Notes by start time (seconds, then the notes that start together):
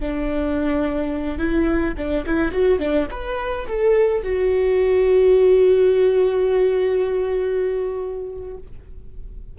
0.00 D4
1.38 E4
1.97 D4
2.26 E4
2.52 F#4
2.79 D4
3.11 B4
3.68 A4
4.23 F#4